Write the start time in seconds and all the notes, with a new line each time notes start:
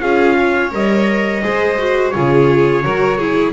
0.00 C#4 F4 G#4 F5
0.39 C#5
0.72 G3 A#4 D#5
1.42 G#3 G#4 C5
1.79 F#4
2.10 C#3 F4 G#4 C#5
2.84 F#3 F#4 A#4
3.18 E4 G#4